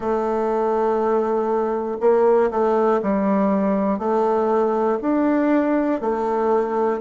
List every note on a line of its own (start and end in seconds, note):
0.00 1.97 A3
2.00 2.50 A#3
2.50 3.00 A3
3.02 3.99 G3
3.99 4.99 A3
5.01 6.00 D4
6.00 7.00 A3